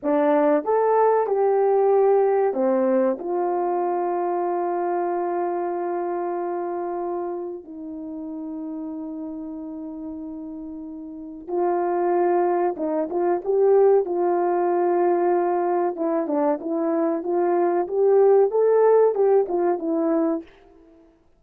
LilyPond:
\new Staff \with { instrumentName = "horn" } { \time 4/4 \tempo 4 = 94 d'4 a'4 g'2 | c'4 f'2.~ | f'1 | dis'1~ |
dis'2 f'2 | dis'8 f'8 g'4 f'2~ | f'4 e'8 d'8 e'4 f'4 | g'4 a'4 g'8 f'8 e'4 | }